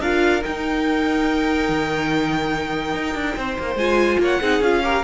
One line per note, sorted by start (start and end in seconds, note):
0.00 0.42 D4
0.00 0.41 F4
0.00 3.37 A#4
0.00 0.43 F5
0.41 3.76 D#4
0.41 1.68 D#4
0.41 3.77 G5
1.68 2.94 D#3
2.94 3.14 D#4
3.14 3.35 D4
3.36 3.57 C4
3.36 4.21 C5
3.58 3.75 A#3
3.75 4.17 G#3
3.75 4.41 F4
3.75 4.19 G#5
4.19 4.40 A#3
4.19 4.40 C#5
4.19 4.62 F#5
4.40 4.60 C4
4.40 4.62 D#4
4.40 4.82 G#4
4.60 5.02 C#4
4.60 4.83 F4
4.60 5.03 F5
4.83 5.03 G4
4.83 5.03 A#4